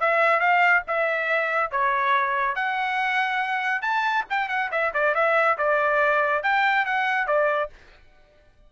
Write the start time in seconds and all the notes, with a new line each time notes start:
0.00 E5
0.40 F5
0.87 E5
1.71 C#5
2.55 F#5
3.82 A5
4.29 G5
4.48 F#5
4.71 E5
4.93 D5
5.14 E5
5.57 D5
6.42 G5
6.85 F#5
7.27 D5